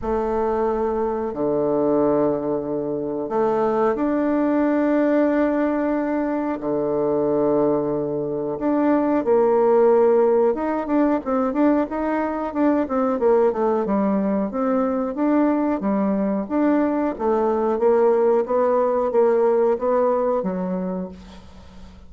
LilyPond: \new Staff \with { instrumentName = "bassoon" } { \time 4/4 \tempo 4 = 91 a2 d2~ | d4 a4 d'2~ | d'2 d2~ | d4 d'4 ais2 |
dis'8 d'8 c'8 d'8 dis'4 d'8 c'8 | ais8 a8 g4 c'4 d'4 | g4 d'4 a4 ais4 | b4 ais4 b4 fis4 | }